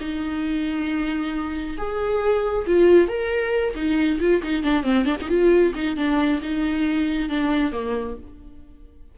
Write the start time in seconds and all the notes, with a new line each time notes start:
0.00 D#4
1.77 G#4
2.67 F4
3.08 A#4
3.75 D#4
4.20 F4
4.42 D#4
4.63 D4
4.83 C4
5.05 D4
5.21 D#4
5.29 F4
5.75 D#4
5.96 D4
6.42 D#4
7.29 D4
7.72 A#3